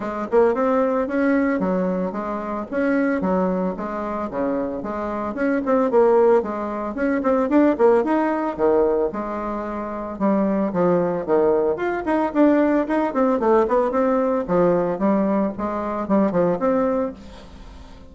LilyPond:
\new Staff \with { instrumentName = "bassoon" } { \time 4/4 \tempo 4 = 112 gis8 ais8 c'4 cis'4 fis4 | gis4 cis'4 fis4 gis4 | cis4 gis4 cis'8 c'8 ais4 | gis4 cis'8 c'8 d'8 ais8 dis'4 |
dis4 gis2 g4 | f4 dis4 f'8 dis'8 d'4 | dis'8 c'8 a8 b8 c'4 f4 | g4 gis4 g8 f8 c'4 | }